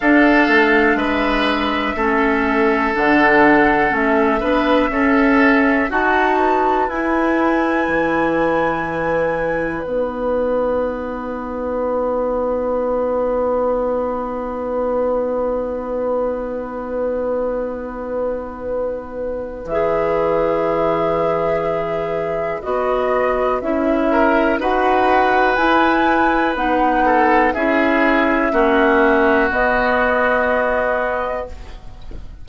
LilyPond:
<<
  \new Staff \with { instrumentName = "flute" } { \time 4/4 \tempo 4 = 61 f''4 e''2 fis''4 | e''2 a''4 gis''4~ | gis''2 fis''2~ | fis''1~ |
fis''1 | e''2. dis''4 | e''4 fis''4 gis''4 fis''4 | e''2 dis''2 | }
  \new Staff \with { instrumentName = "oboe" } { \time 4/4 a'4 b'4 a'2~ | a'8 b'8 a'4 fis'8 b'4.~ | b'1~ | b'1~ |
b'1~ | b'1~ | b'8 ais'8 b'2~ b'8 a'8 | gis'4 fis'2. | }
  \new Staff \with { instrumentName = "clarinet" } { \time 4/4 d'2 cis'4 d'4 | cis'8 d'8 cis'4 fis'4 e'4~ | e'2 dis'2~ | dis'1~ |
dis'1 | gis'2. fis'4 | e'4 fis'4 e'4 dis'4 | e'4 cis'4 b2 | }
  \new Staff \with { instrumentName = "bassoon" } { \time 4/4 d'8 a8 gis4 a4 d4 | a8 b8 cis'4 dis'4 e'4 | e2 b2~ | b1~ |
b1 | e2. b4 | cis'4 dis'4 e'4 b4 | cis'4 ais4 b2 | }
>>